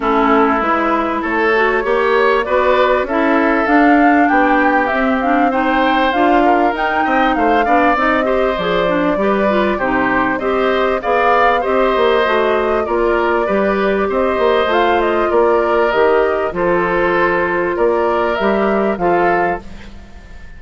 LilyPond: <<
  \new Staff \with { instrumentName = "flute" } { \time 4/4 \tempo 4 = 98 a'4 b'4 cis''2 | d''4 e''4 f''4 g''4 | e''8 f''8 g''4 f''4 g''4 | f''4 dis''4 d''2 |
c''4 dis''4 f''4 dis''4~ | dis''4 d''2 dis''4 | f''8 dis''8 d''4 dis''4 c''4~ | c''4 d''4 e''4 f''4 | }
  \new Staff \with { instrumentName = "oboe" } { \time 4/4 e'2 a'4 cis''4 | b'4 a'2 g'4~ | g'4 c''4. ais'4 dis''8 | c''8 d''4 c''4. b'4 |
g'4 c''4 d''4 c''4~ | c''4 ais'4 b'4 c''4~ | c''4 ais'2 a'4~ | a'4 ais'2 a'4 | }
  \new Staff \with { instrumentName = "clarinet" } { \time 4/4 cis'4 e'4. fis'8 g'4 | fis'4 e'4 d'2 | c'8 d'8 dis'4 f'4 dis'4~ | dis'8 d'8 dis'8 g'8 gis'8 d'8 g'8 f'8 |
dis'4 g'4 gis'4 g'4 | fis'4 f'4 g'2 | f'2 g'4 f'4~ | f'2 g'4 f'4 | }
  \new Staff \with { instrumentName = "bassoon" } { \time 4/4 a4 gis4 a4 ais4 | b4 cis'4 d'4 b4 | c'2 d'4 dis'8 c'8 | a8 b8 c'4 f4 g4 |
c4 c'4 b4 c'8 ais8 | a4 ais4 g4 c'8 ais8 | a4 ais4 dis4 f4~ | f4 ais4 g4 f4 | }
>>